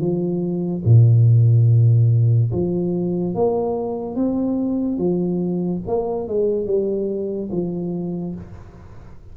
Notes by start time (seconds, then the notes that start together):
0.00 F3
0.85 A#2
2.52 F3
3.35 A#3
4.16 C4
4.98 F3
5.87 A#3
6.28 G#3
6.67 G3
7.52 F3